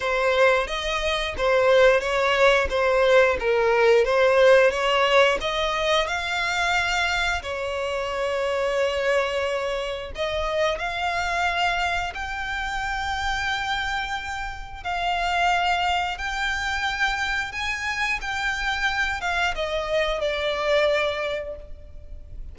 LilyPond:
\new Staff \with { instrumentName = "violin" } { \time 4/4 \tempo 4 = 89 c''4 dis''4 c''4 cis''4 | c''4 ais'4 c''4 cis''4 | dis''4 f''2 cis''4~ | cis''2. dis''4 |
f''2 g''2~ | g''2 f''2 | g''2 gis''4 g''4~ | g''8 f''8 dis''4 d''2 | }